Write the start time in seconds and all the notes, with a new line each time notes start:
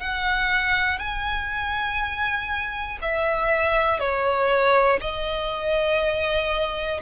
0.00 F#5
1.00 G#5
3.02 E5
4.00 C#5
5.01 D#5